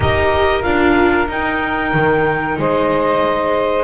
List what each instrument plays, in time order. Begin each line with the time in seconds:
0.00 double bass D#4, viola G4, saxophone A#4, clarinet D#5
0.62 double bass D4, viola F4, clarinet F5
1.28 double bass D#4, viola D#4, clarinet G5
1.93 double bass D#3
2.58 double bass G#3, saxophone C5, clarinet D#5